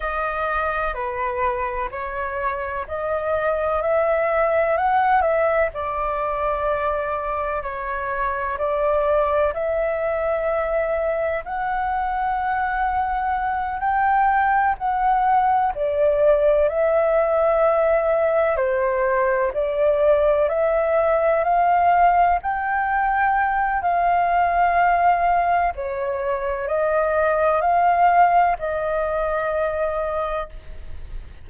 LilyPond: \new Staff \with { instrumentName = "flute" } { \time 4/4 \tempo 4 = 63 dis''4 b'4 cis''4 dis''4 | e''4 fis''8 e''8 d''2 | cis''4 d''4 e''2 | fis''2~ fis''8 g''4 fis''8~ |
fis''8 d''4 e''2 c''8~ | c''8 d''4 e''4 f''4 g''8~ | g''4 f''2 cis''4 | dis''4 f''4 dis''2 | }